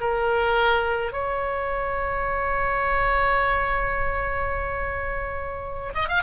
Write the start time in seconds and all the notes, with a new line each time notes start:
0.00 A#4
1.12 C#5
5.94 D#5
6.08 F5